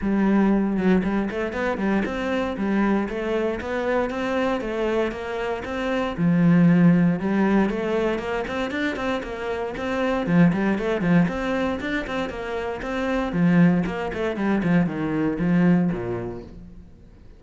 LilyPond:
\new Staff \with { instrumentName = "cello" } { \time 4/4 \tempo 4 = 117 g4. fis8 g8 a8 b8 g8 | c'4 g4 a4 b4 | c'4 a4 ais4 c'4 | f2 g4 a4 |
ais8 c'8 d'8 c'8 ais4 c'4 | f8 g8 a8 f8 c'4 d'8 c'8 | ais4 c'4 f4 ais8 a8 | g8 f8 dis4 f4 ais,4 | }